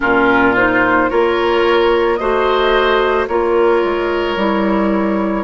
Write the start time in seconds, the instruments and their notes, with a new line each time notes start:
0.00 bassoon A#2, clarinet C#4, oboe F4, flute A#4
0.55 clarinet D#4, flute C5
1.09 bassoon A#3, clarinet F4, oboe A#4, flute C#5
2.16 bassoon A3, clarinet F#4, oboe C5, flute D#5
3.27 bassoon A#3, clarinet F4, oboe A#4, flute C#5
3.84 bassoon G#3
4.36 bassoon G3, clarinet E4